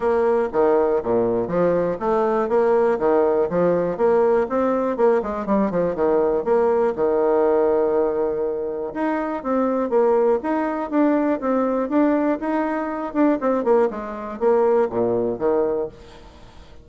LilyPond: \new Staff \with { instrumentName = "bassoon" } { \time 4/4 \tempo 4 = 121 ais4 dis4 ais,4 f4 | a4 ais4 dis4 f4 | ais4 c'4 ais8 gis8 g8 f8 | dis4 ais4 dis2~ |
dis2 dis'4 c'4 | ais4 dis'4 d'4 c'4 | d'4 dis'4. d'8 c'8 ais8 | gis4 ais4 ais,4 dis4 | }